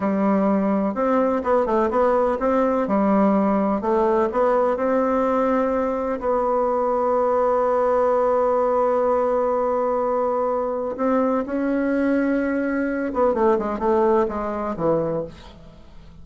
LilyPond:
\new Staff \with { instrumentName = "bassoon" } { \time 4/4 \tempo 4 = 126 g2 c'4 b8 a8 | b4 c'4 g2 | a4 b4 c'2~ | c'4 b2.~ |
b1~ | b2. c'4 | cis'2.~ cis'8 b8 | a8 gis8 a4 gis4 e4 | }